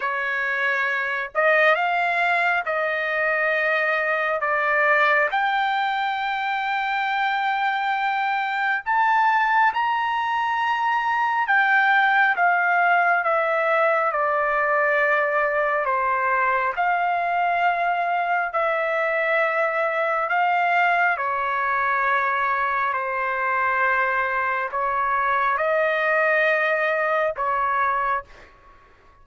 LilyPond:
\new Staff \with { instrumentName = "trumpet" } { \time 4/4 \tempo 4 = 68 cis''4. dis''8 f''4 dis''4~ | dis''4 d''4 g''2~ | g''2 a''4 ais''4~ | ais''4 g''4 f''4 e''4 |
d''2 c''4 f''4~ | f''4 e''2 f''4 | cis''2 c''2 | cis''4 dis''2 cis''4 | }